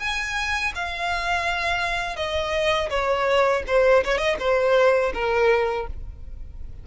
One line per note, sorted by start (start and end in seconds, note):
0.00 0.73 G#5
0.75 2.17 F5
2.17 2.90 D#5
2.90 3.64 C#5
3.68 4.04 C5
4.04 4.18 C#5
4.18 4.37 D#5
4.40 5.13 C5
5.15 5.88 A#4